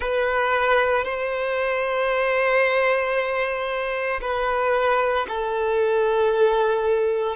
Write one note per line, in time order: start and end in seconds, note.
0.00 1.04 B4
1.04 4.20 C5
4.21 5.26 B4
5.28 7.36 A4